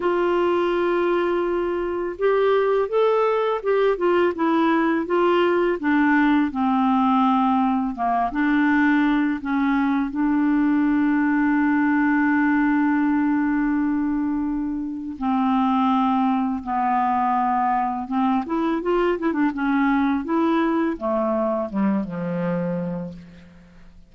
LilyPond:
\new Staff \with { instrumentName = "clarinet" } { \time 4/4 \tempo 4 = 83 f'2. g'4 | a'4 g'8 f'8 e'4 f'4 | d'4 c'2 ais8 d'8~ | d'4 cis'4 d'2~ |
d'1~ | d'4 c'2 b4~ | b4 c'8 e'8 f'8 e'16 d'16 cis'4 | e'4 a4 g8 f4. | }